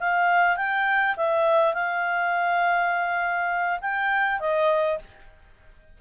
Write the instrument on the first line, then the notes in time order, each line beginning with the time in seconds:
clarinet
0.00 F5
0.57 G5
1.17 E5
1.74 F5
3.81 G5
4.40 D#5